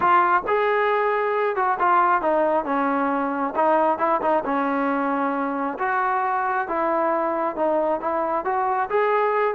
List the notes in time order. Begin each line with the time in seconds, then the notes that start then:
0.00 F4
0.47 G#4
1.56 F#4
1.79 F4
2.21 D#4
2.64 C#4
3.55 D#4
3.98 E4
4.21 D#4
4.44 C#4
5.79 F#4
6.68 E4
7.56 D#4
8.00 E4
8.44 F#4
8.89 G#4